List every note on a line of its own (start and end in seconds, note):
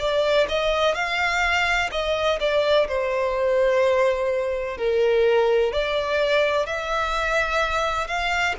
0.00 0.48 D5
0.49 0.95 D#5
0.95 1.90 F5
1.92 2.39 D#5
2.40 2.88 D5
2.88 4.77 C5
4.77 5.73 A#4
5.73 6.67 D5
6.67 8.08 E5
8.08 8.55 F5